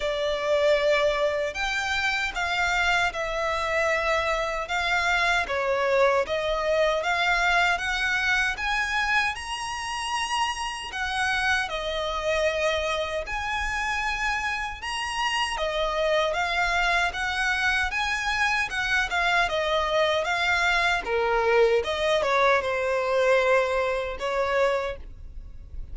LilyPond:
\new Staff \with { instrumentName = "violin" } { \time 4/4 \tempo 4 = 77 d''2 g''4 f''4 | e''2 f''4 cis''4 | dis''4 f''4 fis''4 gis''4 | ais''2 fis''4 dis''4~ |
dis''4 gis''2 ais''4 | dis''4 f''4 fis''4 gis''4 | fis''8 f''8 dis''4 f''4 ais'4 | dis''8 cis''8 c''2 cis''4 | }